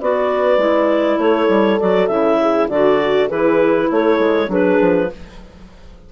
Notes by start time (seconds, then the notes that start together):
0.00 B3 F#4 B4 D5
0.57 G#3 E4
1.18 A3 A4 C#5
1.48 G3
1.79 F#3 F#4 D5
2.07 C#3 E4 E5
2.41 G#4
2.68 D3 F#4 D5
3.27 E3 E4 G#4 B4
3.90 A3 A4 C#5
4.19 G#3
4.46 F#3 D4 G#4 B4
4.80 F3